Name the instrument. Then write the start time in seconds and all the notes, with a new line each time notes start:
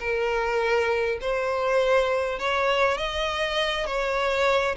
violin
0.00 A#4
1.22 C5
2.40 C#5
2.98 D#5
3.87 C#5